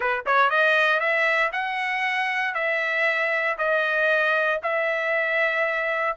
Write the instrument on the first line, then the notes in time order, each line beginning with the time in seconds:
trumpet
0.00 B4
0.26 C#5
0.50 D#5
1.00 E5
1.52 F#5
2.54 E5
3.58 D#5
4.62 E5